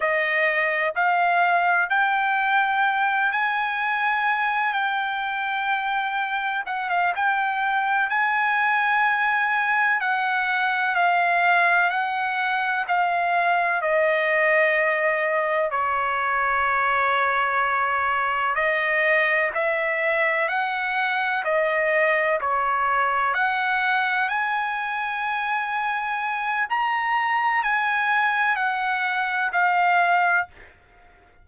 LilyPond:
\new Staff \with { instrumentName = "trumpet" } { \time 4/4 \tempo 4 = 63 dis''4 f''4 g''4. gis''8~ | gis''4 g''2 fis''16 f''16 g''8~ | g''8 gis''2 fis''4 f''8~ | f''8 fis''4 f''4 dis''4.~ |
dis''8 cis''2. dis''8~ | dis''8 e''4 fis''4 dis''4 cis''8~ | cis''8 fis''4 gis''2~ gis''8 | ais''4 gis''4 fis''4 f''4 | }